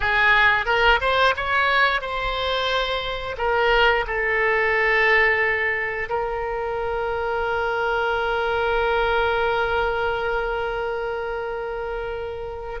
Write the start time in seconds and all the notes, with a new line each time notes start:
0.00 G#4
0.65 A#4
1.01 C5
1.36 C#5
2.01 C5
3.37 A#4
4.06 A4
6.09 A#4